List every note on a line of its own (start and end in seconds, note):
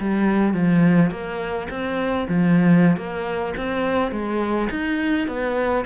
0.00 0.54 G3
0.54 1.10 F3
1.10 1.68 A#3
1.70 2.27 C4
2.28 2.97 F3
2.97 3.54 A#3
3.57 4.11 C4
4.11 4.69 G#3
4.70 5.28 D#4
5.28 5.85 B3